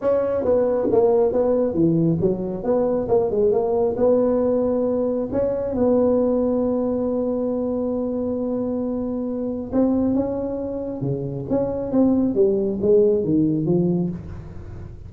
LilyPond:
\new Staff \with { instrumentName = "tuba" } { \time 4/4 \tempo 4 = 136 cis'4 b4 ais4 b4 | e4 fis4 b4 ais8 gis8 | ais4 b2. | cis'4 b2.~ |
b1~ | b2 c'4 cis'4~ | cis'4 cis4 cis'4 c'4 | g4 gis4 dis4 f4 | }